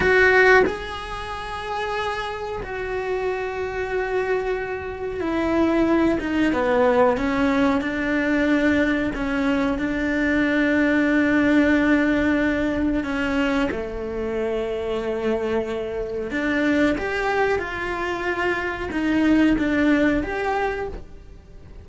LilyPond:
\new Staff \with { instrumentName = "cello" } { \time 4/4 \tempo 4 = 92 fis'4 gis'2. | fis'1 | e'4. dis'8 b4 cis'4 | d'2 cis'4 d'4~ |
d'1 | cis'4 a2.~ | a4 d'4 g'4 f'4~ | f'4 dis'4 d'4 g'4 | }